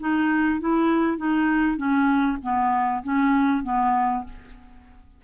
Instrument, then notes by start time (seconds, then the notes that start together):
clarinet
0.00 D#4
0.60 E4
1.18 D#4
1.77 C#4
2.43 B3
3.04 C#4
3.64 B3